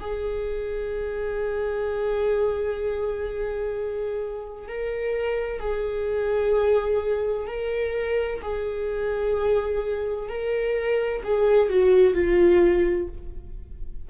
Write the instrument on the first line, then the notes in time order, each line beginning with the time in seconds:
viola
0.00 G#4
4.69 A#4
5.60 G#4
7.47 A#4
8.42 G#4
10.30 A#4
11.25 G#4
11.70 F#4
12.14 F4